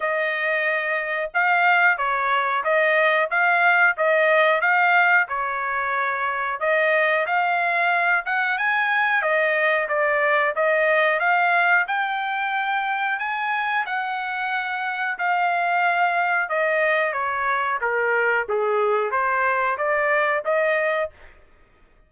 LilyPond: \new Staff \with { instrumentName = "trumpet" } { \time 4/4 \tempo 4 = 91 dis''2 f''4 cis''4 | dis''4 f''4 dis''4 f''4 | cis''2 dis''4 f''4~ | f''8 fis''8 gis''4 dis''4 d''4 |
dis''4 f''4 g''2 | gis''4 fis''2 f''4~ | f''4 dis''4 cis''4 ais'4 | gis'4 c''4 d''4 dis''4 | }